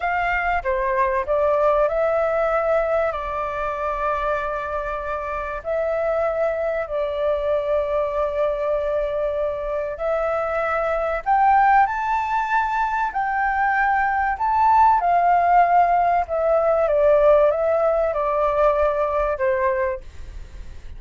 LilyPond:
\new Staff \with { instrumentName = "flute" } { \time 4/4 \tempo 4 = 96 f''4 c''4 d''4 e''4~ | e''4 d''2.~ | d''4 e''2 d''4~ | d''1 |
e''2 g''4 a''4~ | a''4 g''2 a''4 | f''2 e''4 d''4 | e''4 d''2 c''4 | }